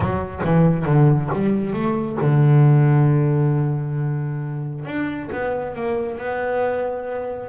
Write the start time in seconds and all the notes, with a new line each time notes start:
0.00 F#3
0.44 E3
0.85 D3
1.33 G3
1.73 A3
2.21 D3
4.85 D4
5.31 B3
5.75 A#3
6.18 B3